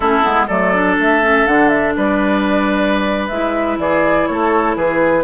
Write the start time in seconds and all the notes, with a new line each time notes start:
0.00 A3 C#4 E4 A4
0.23 G#3 B3
0.47 F#3 A3 A4 D5
0.74 D4
0.97 A3 E5
1.22 C#4
1.46 D3 D4 F#5
1.68 E5
1.96 G3 B4 D5
3.28 G#3 E4 E5
3.77 E3 G#4 D5
4.26 A3 A4 C#5
4.76 E3 G#4 B4